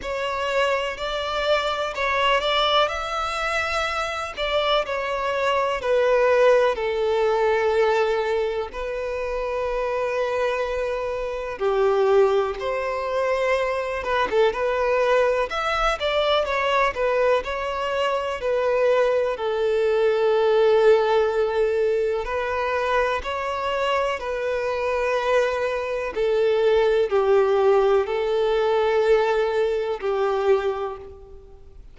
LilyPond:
\new Staff \with { instrumentName = "violin" } { \time 4/4 \tempo 4 = 62 cis''4 d''4 cis''8 d''8 e''4~ | e''8 d''8 cis''4 b'4 a'4~ | a'4 b'2. | g'4 c''4. b'16 a'16 b'4 |
e''8 d''8 cis''8 b'8 cis''4 b'4 | a'2. b'4 | cis''4 b'2 a'4 | g'4 a'2 g'4 | }